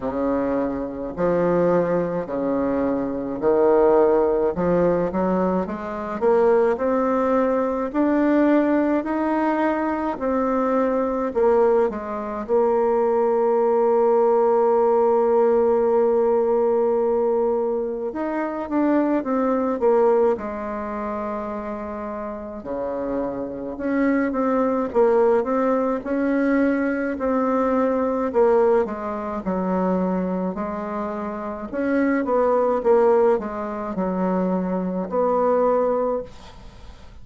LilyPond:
\new Staff \with { instrumentName = "bassoon" } { \time 4/4 \tempo 4 = 53 cis4 f4 cis4 dis4 | f8 fis8 gis8 ais8 c'4 d'4 | dis'4 c'4 ais8 gis8 ais4~ | ais1 |
dis'8 d'8 c'8 ais8 gis2 | cis4 cis'8 c'8 ais8 c'8 cis'4 | c'4 ais8 gis8 fis4 gis4 | cis'8 b8 ais8 gis8 fis4 b4 | }